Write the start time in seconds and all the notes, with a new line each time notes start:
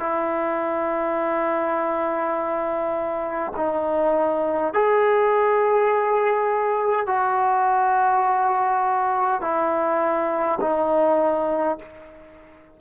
0.00 E4
3.57 D#4
4.74 G#4
7.07 F#4
9.42 E4
10.61 D#4